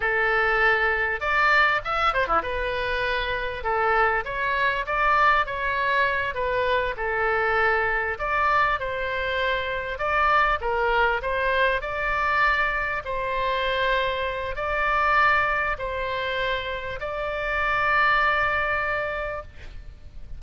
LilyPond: \new Staff \with { instrumentName = "oboe" } { \time 4/4 \tempo 4 = 99 a'2 d''4 e''8 c''16 e'16 | b'2 a'4 cis''4 | d''4 cis''4. b'4 a'8~ | a'4. d''4 c''4.~ |
c''8 d''4 ais'4 c''4 d''8~ | d''4. c''2~ c''8 | d''2 c''2 | d''1 | }